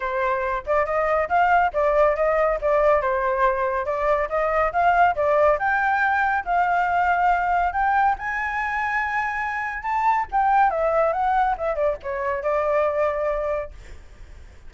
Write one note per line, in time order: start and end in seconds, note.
0.00 0.63 C5
0.66 0.85 D5
0.85 1.28 D#5
1.28 1.71 F5
1.73 2.15 D5
2.15 2.58 D#5
2.61 3.01 D5
3.01 3.85 C5
3.85 4.28 D5
4.29 4.71 D#5
4.72 5.15 F5
5.15 5.58 D5
5.58 6.44 G5
6.45 7.72 F5
7.72 8.15 G5
8.18 9.82 G#5
9.82 10.25 A5
10.31 10.70 G5
10.70 11.12 E5
11.12 11.55 F#5
11.57 11.75 E5
11.75 11.96 D5
12.02 12.42 C#5
12.42 13.71 D5